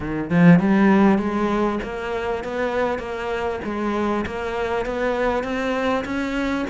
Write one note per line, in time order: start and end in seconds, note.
0.00 0.29 D#3
0.30 0.59 F3
0.59 1.18 G3
1.18 1.79 G#3
1.83 2.44 A#3
2.44 2.99 B3
2.99 3.59 A#3
3.64 4.25 G#3
4.26 4.85 A#3
4.85 5.43 B3
5.43 6.04 C4
6.04 6.65 C#4